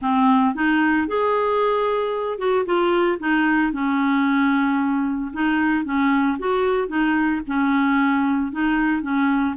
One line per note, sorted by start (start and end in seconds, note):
0.01 0.54 C4
0.55 1.07 D#4
1.07 2.38 G#4
2.38 2.65 F#4
2.65 3.18 F4
3.19 3.72 D#4
3.72 5.31 C#4
5.33 5.84 D#4
5.84 6.37 C#4
6.38 6.88 F#4
6.88 7.41 D#4
7.47 8.52 C#4
8.52 9.01 D#4
9.01 9.55 C#4